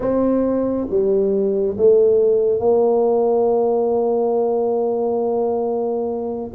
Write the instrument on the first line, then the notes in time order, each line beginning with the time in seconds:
tuba
0.00 C4
0.89 G3
1.77 A3
2.59 A#3